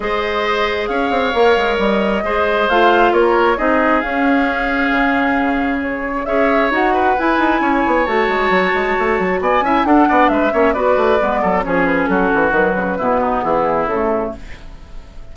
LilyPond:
<<
  \new Staff \with { instrumentName = "flute" } { \time 4/4 \tempo 4 = 134 dis''2 f''2 | dis''2 f''4 cis''4 | dis''4 f''2.~ | f''4 cis''4 e''4 fis''4 |
gis''2 a''2~ | a''4 gis''4 fis''4 e''4 | d''2 cis''8 b'8 a'4 | b'2 gis'4 a'4 | }
  \new Staff \with { instrumentName = "oboe" } { \time 4/4 c''2 cis''2~ | cis''4 c''2 ais'4 | gis'1~ | gis'2 cis''4. b'8~ |
b'4 cis''2.~ | cis''4 d''8 e''8 a'8 d''8 b'8 cis''8 | b'4. a'8 gis'4 fis'4~ | fis'4 e'8 dis'8 e'2 | }
  \new Staff \with { instrumentName = "clarinet" } { \time 4/4 gis'2. ais'4~ | ais'4 gis'4 f'2 | dis'4 cis'2.~ | cis'2 gis'4 fis'4 |
e'2 fis'2~ | fis'4. e'8 d'4. cis'8 | fis'4 b4 cis'2 | fis4 b2 a4 | }
  \new Staff \with { instrumentName = "bassoon" } { \time 4/4 gis2 cis'8 c'8 ais8 gis8 | g4 gis4 a4 ais4 | c'4 cis'2 cis4~ | cis2 cis'4 dis'4 |
e'8 dis'8 cis'8 b8 a8 gis8 fis8 gis8 | a8 fis8 b8 cis'8 d'8 b8 gis8 ais8 | b8 a8 gis8 fis8 f4 fis8 e8 | dis8 cis8 b,4 e4 cis4 | }
>>